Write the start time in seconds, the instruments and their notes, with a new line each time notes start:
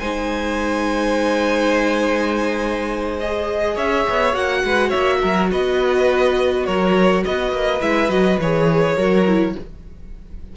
0.00 cello G#3, viola D#4, violin C5 G#5
3.20 viola G#4, violin D#5
3.75 cello C#4, violin C#5 E5
4.09 cello B3
4.34 cello A#3, viola F#4, violin F#5
4.64 cello G#3, violin B4
4.89 cello A#3, violin C#5 E5
5.22 cello F#3, violin A#4
5.52 cello B3, violin B4 D#5
6.66 cello F#3, violin A#4 C#5
7.25 cello B3, violin B4 D#5
7.53 cello A#3
7.81 cello G#3, viola E4, violin E5
8.09 cello F#3, viola F#4, violin D#5
8.39 cello E3, viola G#4, violin C#5
8.96 cello F#3, viola F#4, violin A#4
9.28 viola E4